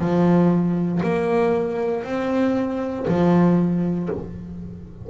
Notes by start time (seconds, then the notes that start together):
0.00 F3
1.03 A#3
2.05 C4
3.08 F3